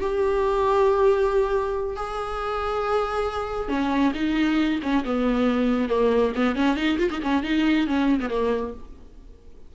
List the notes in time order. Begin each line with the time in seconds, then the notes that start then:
0.00 G4
1.96 G#4
3.68 C#4
4.14 D#4
4.82 C#4
5.04 B3
5.89 A#3
6.35 B3
6.55 C#4
6.76 D#4
6.99 F4
7.10 D#4
7.22 C#4
7.43 D#4
7.87 C#4
8.20 B3
8.30 A#3